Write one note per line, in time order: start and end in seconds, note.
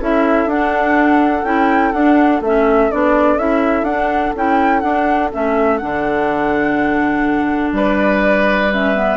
0.00 0.46 C#4
0.00 0.49 E4
0.00 7.74 A4
0.00 0.49 E5
0.46 1.42 D4
0.46 1.44 D4
0.46 1.44 F#5
1.44 1.92 C#4
1.44 1.93 E4
1.44 1.92 G5
1.92 2.41 D4
1.92 2.42 D4
1.92 2.40 F#5
2.41 2.89 A3
2.41 2.91 C#4
2.41 2.91 E5
2.91 3.36 B3
2.91 3.38 D4
2.91 3.38 D5
3.36 3.82 C#4
3.36 3.86 E4
3.36 3.84 E5
3.82 4.31 D4
3.82 4.34 D4
3.82 4.33 F#5
4.35 4.82 C#4
4.35 4.83 E4
4.35 4.80 G5
4.80 5.31 D4
4.80 5.28 F#5
5.32 5.82 A3
5.32 5.80 C#4
5.32 5.77 E5
5.77 7.72 D3
5.77 8.70 D4
5.77 7.71 F#5
7.72 9.17 G3
7.72 9.17 B4
7.72 8.73 D5
8.71 8.95 C#4
8.71 9.17 E5
8.95 9.17 B3